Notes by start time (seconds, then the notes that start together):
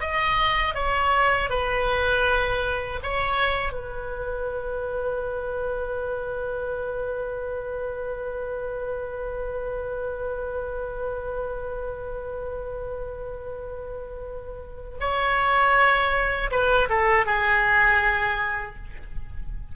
0.00 D#5
0.75 C#5
1.50 B4
3.03 C#5
3.73 B4
15.00 C#5
16.51 B4
16.89 A4
17.26 G#4